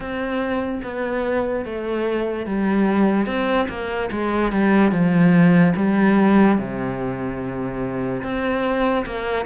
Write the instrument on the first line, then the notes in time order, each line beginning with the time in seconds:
cello
0.00 C4
0.83 B3
1.65 A3
2.45 G3
3.26 C4
3.68 A#3
4.11 G#3
4.52 G3
4.91 F3
5.75 G3
6.58 C3
8.22 C4
9.06 A#3